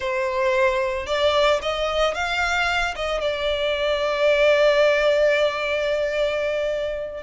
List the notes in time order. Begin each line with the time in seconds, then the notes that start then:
0.00 C5
1.06 D5
1.61 D#5
2.14 F5
2.95 D#5
3.21 D5